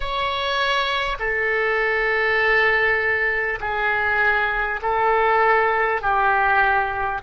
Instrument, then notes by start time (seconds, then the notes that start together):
oboe
0.00 C#5
1.19 A4
3.60 G#4
4.82 A4
6.01 G4